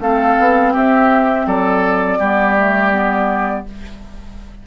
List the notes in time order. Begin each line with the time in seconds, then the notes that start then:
0.00 A3 C4 A4 F5
0.39 B3
0.73 C4 G4 E5
1.46 F#3 A4 D5
2.19 G3 B3 G4
2.57 A3
2.92 B3